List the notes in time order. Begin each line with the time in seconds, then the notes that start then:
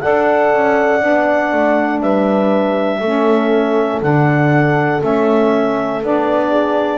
0.00 D4 A4 D5 F#5
0.53 C#4
1.00 B3 D4
1.52 A3
2.01 G3 B4 E5
3.00 A3 C#4 A4
4.02 D3 D4 F#5
5.00 A3 C#4 E5
6.03 B3 D4 D5
6.49 G#4